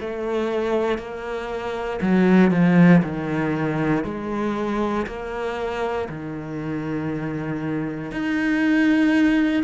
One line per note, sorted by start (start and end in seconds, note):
0.00 0.98 A3
0.98 2.00 A#3
2.01 2.51 F#3
2.51 3.02 F3
3.03 4.04 D#3
4.04 5.06 G#3
5.06 6.08 A#3
6.09 8.11 D#3
8.11 9.63 D#4